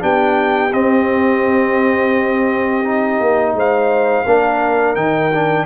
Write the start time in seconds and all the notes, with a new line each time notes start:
0.00 B3 D4 G4 G5
0.73 C4 D#5
2.84 D#4
3.20 A#3
3.53 G#3 C5 F5
4.26 A#3 D4 A#4
4.95 D#3 D#4 G5
5.34 D4